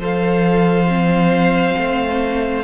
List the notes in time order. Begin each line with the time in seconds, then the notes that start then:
0.00 F3 A4 C5 F5
0.88 C4
1.78 A3